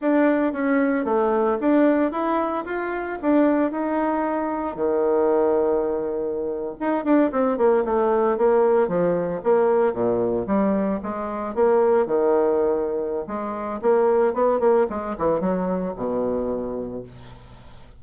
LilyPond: \new Staff \with { instrumentName = "bassoon" } { \time 4/4 \tempo 4 = 113 d'4 cis'4 a4 d'4 | e'4 f'4 d'4 dis'4~ | dis'4 dis2.~ | dis8. dis'8 d'8 c'8 ais8 a4 ais16~ |
ais8. f4 ais4 ais,4 g16~ | g8. gis4 ais4 dis4~ dis16~ | dis4 gis4 ais4 b8 ais8 | gis8 e8 fis4 b,2 | }